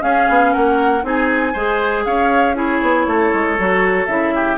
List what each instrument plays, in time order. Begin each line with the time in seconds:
0.00 clarinet C#4, bassoon C#4, oboe G#4, flute F5
0.28 bassoon B3
0.52 bassoon A#3, oboe A#4, flute F#5
1.02 bassoon C4, clarinet D#4, oboe G#4, flute G#5
1.53 bassoon G#3, clarinet G#4, oboe C5
2.05 bassoon C#4, oboe C#5, flute F5
2.54 clarinet E4, oboe G#4, flute C#5
2.81 bassoon B3
3.06 bassoon A3, oboe A4
3.33 bassoon G#3
3.58 bassoon F#3, clarinet F#4
4.06 bassoon C#3, clarinet E4, flute E5
4.34 oboe G4